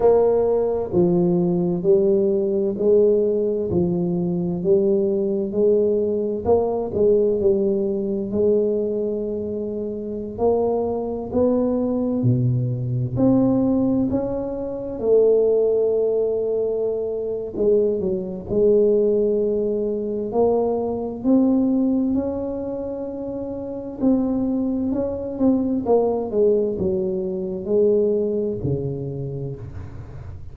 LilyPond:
\new Staff \with { instrumentName = "tuba" } { \time 4/4 \tempo 4 = 65 ais4 f4 g4 gis4 | f4 g4 gis4 ais8 gis8 | g4 gis2~ gis16 ais8.~ | ais16 b4 b,4 c'4 cis'8.~ |
cis'16 a2~ a8. gis8 fis8 | gis2 ais4 c'4 | cis'2 c'4 cis'8 c'8 | ais8 gis8 fis4 gis4 cis4 | }